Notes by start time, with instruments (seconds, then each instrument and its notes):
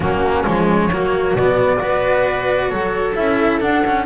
0.00 double bass F#3, cello A#3, viola C#4, flute F#4
0.44 double bass F3, cello G#3, flute C#5
0.92 double bass F#3, cello A#3, viola F#4
1.33 double bass B2, cello B3, flute D5
1.77 double bass B3, cello F#4, viola B4
2.69 double bass F#3, viola A4, flute C#5
3.15 double bass C#4, cello E4, flute E5
3.60 cello D4, double bass D4, flute F#5
3.86 cello C#4